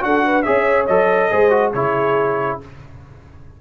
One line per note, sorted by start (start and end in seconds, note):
0.00 0.47 D4
0.00 0.43 F#4
0.00 0.25 A4
0.00 0.42 F#5
0.25 0.45 B4
0.42 0.88 C#4
0.42 0.88 G#4
0.42 1.31 C#5
0.42 0.85 E5
0.87 1.31 F#3
0.87 1.30 A4
0.87 1.73 D#5
1.30 1.74 G#3
1.30 1.50 G#4
1.30 1.74 C5
1.50 1.72 F#4
1.73 2.60 C#3
1.73 2.61 E4
1.73 2.59 G#4
1.73 2.59 C#5